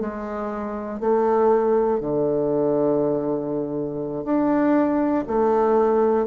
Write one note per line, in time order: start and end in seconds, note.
0.00 1.00 G#3
1.00 2.00 A3
2.00 4.25 D3
4.25 5.25 D4
5.27 6.26 A3